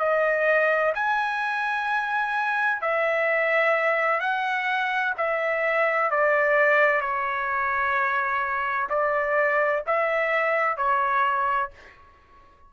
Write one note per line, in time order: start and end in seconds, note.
0.00 0.94 D#5
0.95 2.82 G#5
2.82 4.21 E5
4.21 5.14 F#5
5.18 6.11 E5
6.11 7.01 D5
7.01 8.89 C#5
8.90 9.84 D5
9.87 10.77 E5
10.77 11.71 C#5